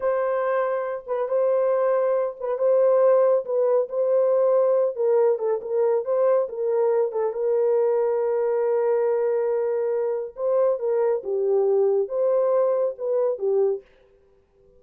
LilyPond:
\new Staff \with { instrumentName = "horn" } { \time 4/4 \tempo 4 = 139 c''2~ c''8 b'8 c''4~ | c''4. b'8 c''2 | b'4 c''2~ c''8 ais'8~ | ais'8 a'8 ais'4 c''4 ais'4~ |
ais'8 a'8 ais'2.~ | ais'1 | c''4 ais'4 g'2 | c''2 b'4 g'4 | }